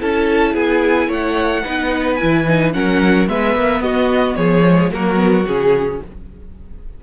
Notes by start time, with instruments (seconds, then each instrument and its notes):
0.00 cello C#4, viola E4, violin A4 A5
0.54 cello B3, violin G#4 G#5
1.08 cello A3, violin C#5 F#5
1.64 cello B3, viola D#4, violin B4
2.15 viola E4, violin G#5
2.22 cello E3
2.47 viola D#4
2.73 cello F#3, viola C#4, violin A#4 F#5
3.29 cello G#3, viola B3, violin B4 E5
3.55 cello A#3
3.80 cello B3, violin F#4 D#5
4.36 cello F3, violin G#4 C#5
4.65 viola G#3
4.92 cello F#3, viola A#3, violin F#4 A#4
5.16 viola B3
5.47 cello C#3, viola C#4, violin G#4